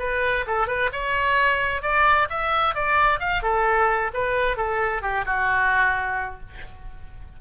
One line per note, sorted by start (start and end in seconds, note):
0.00 0.46 B4
0.47 0.68 A4
0.68 0.91 B4
0.93 1.83 C#5
1.83 2.28 D5
2.30 2.75 E5
2.75 3.20 D5
3.20 3.43 F5
3.43 4.12 A4
4.14 4.57 B4
4.57 5.03 A4
5.03 5.25 G4
5.26 6.41 F#4